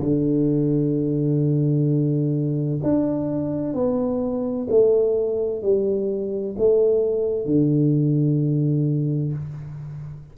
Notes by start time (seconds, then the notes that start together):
0.00 D3
2.83 D4
3.74 B3
4.70 A3
5.62 G3
6.59 A3
7.46 D3